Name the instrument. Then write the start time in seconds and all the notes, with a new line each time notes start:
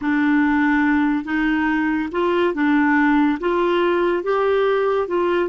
clarinet
0.01 D4
1.24 D#4
2.11 F4
2.54 D4
3.40 F4
4.23 G4
5.07 F4